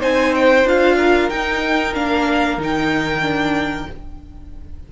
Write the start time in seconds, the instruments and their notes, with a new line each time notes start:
0.00 cello C4, viola D#4, violin C5 G#5
0.35 violin G5
0.65 cello D4, viola F4, violin F5
0.97 violin A#4
1.30 viola D#4, cello D#4, violin G5
1.95 cello A#3, viola D4, violin F5
2.58 cello D#3, viola D#4, violin G5
3.21 viola D4